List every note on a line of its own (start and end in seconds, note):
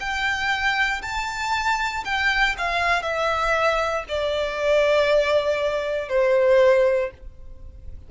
0.00 1.02 G5
1.03 2.04 A5
2.05 2.56 G5
2.58 3.03 F5
3.03 4.04 E5
4.09 6.09 D5
6.09 7.11 C5